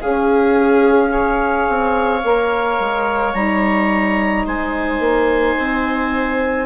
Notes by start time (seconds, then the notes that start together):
0.00 C#4 G#4 F5
1.08 G#4 C#5
1.68 C4
2.23 A#3 A#4
2.80 G#3
3.33 G3 D#4 A#5
4.45 G#3 C5 G#5
4.99 A#3
5.58 C4